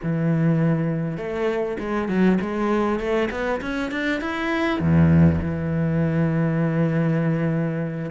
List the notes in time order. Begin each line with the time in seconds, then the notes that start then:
0.02 E3
1.17 A3
1.79 G#3
2.08 F#3
2.41 G#3
2.99 A3
3.30 B3
3.61 C#4
3.91 D4
4.20 E4
4.79 E2
5.41 E3